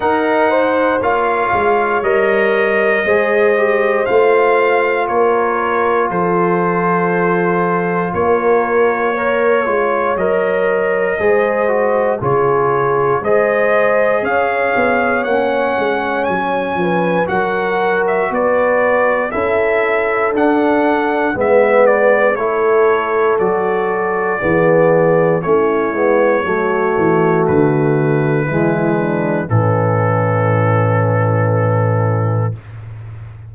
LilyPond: <<
  \new Staff \with { instrumentName = "trumpet" } { \time 4/4 \tempo 4 = 59 fis''4 f''4 dis''2 | f''4 cis''4 c''2 | cis''2 dis''2 | cis''4 dis''4 f''4 fis''4 |
gis''4 fis''8. e''16 d''4 e''4 | fis''4 e''8 d''8 cis''4 d''4~ | d''4 cis''2 b'4~ | b'4 a'2. | }
  \new Staff \with { instrumentName = "horn" } { \time 4/4 ais'8 c''8 cis''2 c''4~ | c''4 ais'4 a'2 | ais'4 cis''2 c''4 | gis'4 c''4 cis''2~ |
cis''8 b'8 ais'4 b'4 a'4~ | a'4 b'4 a'2 | gis'4 e'4 fis'2 | e'8 d'8 cis'2. | }
  \new Staff \with { instrumentName = "trombone" } { \time 4/4 dis'4 f'4 ais'4 gis'8 g'8 | f'1~ | f'4 ais'8 f'8 ais'4 gis'8 fis'8 | f'4 gis'2 cis'4~ |
cis'4 fis'2 e'4 | d'4 b4 e'4 fis'4 | b4 cis'8 b8 a2 | gis4 e2. | }
  \new Staff \with { instrumentName = "tuba" } { \time 4/4 dis'4 ais8 gis8 g4 gis4 | a4 ais4 f2 | ais4. gis8 fis4 gis4 | cis4 gis4 cis'8 b8 ais8 gis8 |
fis8 f8 fis4 b4 cis'4 | d'4 gis4 a4 fis4 | e4 a8 gis8 fis8 e8 d4 | e4 a,2. | }
>>